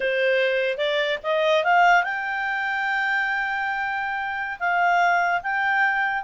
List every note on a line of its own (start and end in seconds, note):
0.00 0.77 C5
0.77 1.18 D5
1.23 1.63 D#5
1.64 2.03 F5
2.03 4.58 G5
4.59 5.41 F5
5.42 6.23 G5